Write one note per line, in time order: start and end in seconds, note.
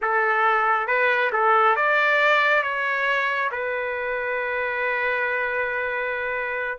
0.01 0.87 A4
0.87 1.31 B4
1.32 1.76 A4
1.76 2.62 D5
2.62 3.50 C#5
3.51 6.78 B4